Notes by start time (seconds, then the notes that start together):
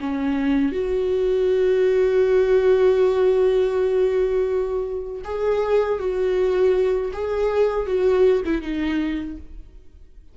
0.00 C#4
0.72 F#4
5.24 G#4
5.99 F#4
7.13 G#4
7.86 F#4
8.45 E4
8.62 D#4